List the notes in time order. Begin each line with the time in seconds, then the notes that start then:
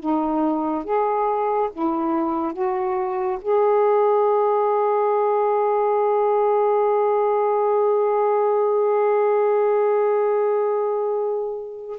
0.00 D#4
0.84 G#4
1.73 E4
2.53 F#4
3.42 G#4